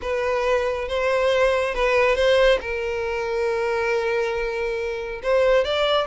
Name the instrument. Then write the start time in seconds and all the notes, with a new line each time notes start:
violin
0.01 B4
0.88 C5
1.74 B4
2.15 C5
2.60 A#4
5.22 C5
5.64 D5